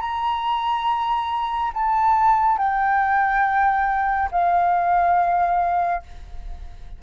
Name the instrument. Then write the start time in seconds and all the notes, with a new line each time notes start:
flute
0.00 A#5
1.73 A5
2.58 G5
4.31 F5